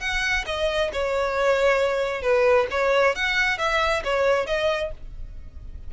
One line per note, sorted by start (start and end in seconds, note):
0.00 0.45 F#5
0.46 0.91 D#5
0.93 2.22 C#5
2.22 2.67 B4
2.71 3.15 C#5
3.15 3.58 F#5
3.58 4.03 E5
4.04 4.46 C#5
4.46 4.91 D#5